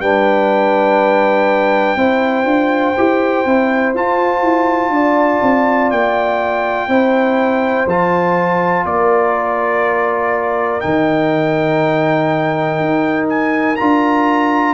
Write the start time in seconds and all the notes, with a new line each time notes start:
0.00 G3 D4 B4 G5
1.96 C4 E4 C5
2.45 D4 F4
2.98 E4 G4
3.45 C4 E4
3.94 F4 A5
4.43 E4
4.90 D4 D5
5.42 C4
5.91 A#3 G5
6.88 C4 E4 C5
7.86 F3 F4 A5
8.85 A#3 A#4 D5
10.81 D#3 D#4 G5
12.80 D#4
13.29 G#5
13.76 D4 F4 A#5